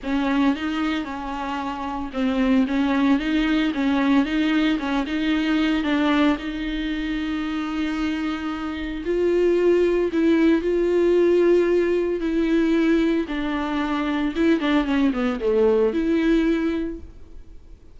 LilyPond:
\new Staff \with { instrumentName = "viola" } { \time 4/4 \tempo 4 = 113 cis'4 dis'4 cis'2 | c'4 cis'4 dis'4 cis'4 | dis'4 cis'8 dis'4. d'4 | dis'1~ |
dis'4 f'2 e'4 | f'2. e'4~ | e'4 d'2 e'8 d'8 | cis'8 b8 a4 e'2 | }